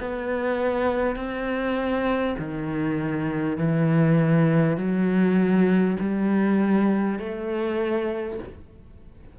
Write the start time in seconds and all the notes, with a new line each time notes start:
0.00 B3
1.16 C4
2.38 D#3
3.57 E3
4.77 F#3
5.99 G3
7.19 A3